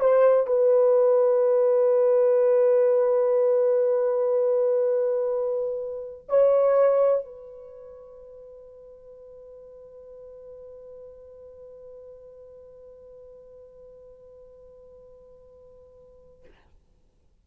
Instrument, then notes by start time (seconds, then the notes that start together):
horn
0.00 C5
0.47 B4
6.29 C#5
7.25 B4